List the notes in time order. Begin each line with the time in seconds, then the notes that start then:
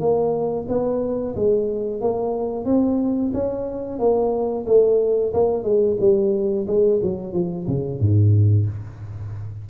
0.00 A#3
0.68 B3
1.35 G#3
2.01 A#3
2.65 C4
3.34 C#4
3.99 A#3
4.66 A3
5.34 A#3
5.64 G#3
6.00 G3
6.67 G#3
7.02 F#3
7.33 F3
7.68 C#3
8.00 G#2